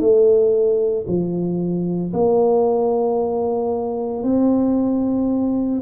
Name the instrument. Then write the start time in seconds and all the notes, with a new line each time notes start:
tuba
0.00 A3
1.07 F3
2.13 A#3
4.23 C4